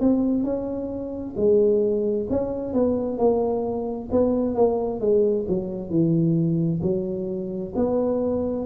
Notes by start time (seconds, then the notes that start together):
0.00 C4
0.43 C#4
1.36 G#3
2.29 C#4
2.73 B3
3.18 A#3
4.11 B3
4.55 A#3
5.00 G#3
5.48 F#3
5.89 E3
6.82 F#3
7.75 B3